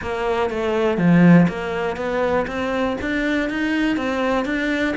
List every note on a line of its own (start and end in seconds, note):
0.02 0.50 A#3
0.50 0.97 A3
0.97 1.47 F3
1.48 1.96 A#3
1.96 2.46 B3
2.47 2.96 C4
3.01 3.49 D4
3.49 3.96 D#4
3.96 4.45 C4
4.45 4.95 D4